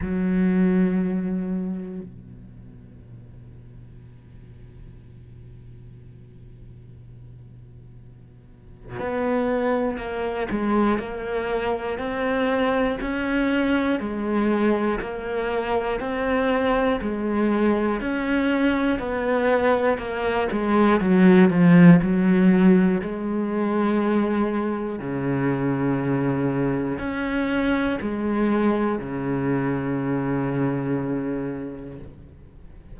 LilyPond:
\new Staff \with { instrumentName = "cello" } { \time 4/4 \tempo 4 = 60 fis2 b,2~ | b,1~ | b,4 b4 ais8 gis8 ais4 | c'4 cis'4 gis4 ais4 |
c'4 gis4 cis'4 b4 | ais8 gis8 fis8 f8 fis4 gis4~ | gis4 cis2 cis'4 | gis4 cis2. | }